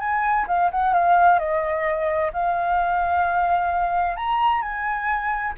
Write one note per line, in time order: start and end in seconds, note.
0.00 0.46 G#5
0.47 0.70 F5
0.71 0.94 F#5
0.94 1.39 F5
1.39 2.31 D#5
2.33 4.17 F5
4.17 4.62 A#5
4.62 5.54 G#5